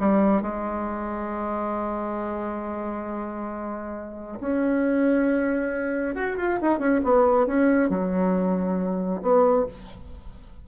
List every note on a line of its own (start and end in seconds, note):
0.00 0.42 G3
0.42 4.39 G#3
4.40 6.15 C#4
6.15 6.37 F#4
6.37 6.59 F4
6.61 6.79 D#4
6.79 7.01 C#4
7.04 7.47 B3
7.47 7.89 C#4
7.89 9.22 F#3
9.22 9.66 B3